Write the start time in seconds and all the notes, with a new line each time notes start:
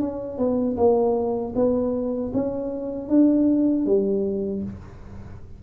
0.00 C#4
0.37 B3
0.77 A#3
1.55 B3
2.33 C#4
3.08 D4
3.86 G3